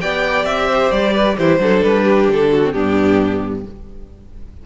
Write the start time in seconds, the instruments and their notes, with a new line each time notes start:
0.00 cello B3, viola G4, violin D5 G5
0.44 cello C4, violin E5
0.68 violin C5
0.91 cello G3, violin D5
1.13 violin B4
1.37 cello E3, viola E4, violin G4 C5
1.59 cello F#3, viola D4, violin A4
1.82 cello G3, violin B4
2.04 violin G4
2.29 cello D3, violin A4
2.51 violin F#4
2.64 viola C4
2.72 cello G2, viola B3, violin D4 G4